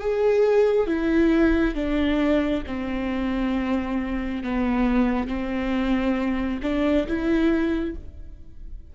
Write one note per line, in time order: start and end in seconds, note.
0.00 0.87 G#4
0.87 1.75 E4
1.75 2.64 D4
2.67 4.43 C4
4.44 5.28 B3
5.28 6.60 C4
6.63 7.07 D4
7.07 7.96 E4